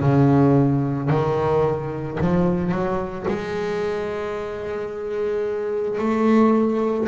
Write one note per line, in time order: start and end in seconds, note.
0.00 1.09 C#3
1.09 2.18 D#3
2.21 2.71 F3
2.71 3.26 F#3
3.28 5.99 G#3
5.99 7.08 A3